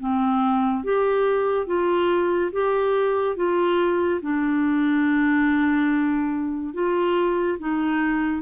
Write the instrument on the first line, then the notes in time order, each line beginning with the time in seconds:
clarinet
0.00 C4
0.84 G4
1.67 F4
2.52 G4
3.36 F4
4.23 D4
6.74 F4
7.59 D#4